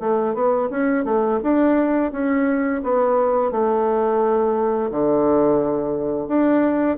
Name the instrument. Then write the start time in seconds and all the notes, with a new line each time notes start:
bassoon
0.00 A3
0.34 B3
0.70 C#4
1.05 A3
1.43 D4
2.12 C#4
2.84 B3
3.51 A3
4.91 D3
6.28 D4